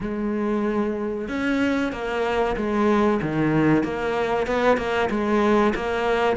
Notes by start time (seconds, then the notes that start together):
0.00 G#3
1.28 C#4
1.92 A#3
2.56 G#3
3.21 D#3
3.83 A#3
4.47 B3
4.77 A#3
5.09 G#3
5.74 A#3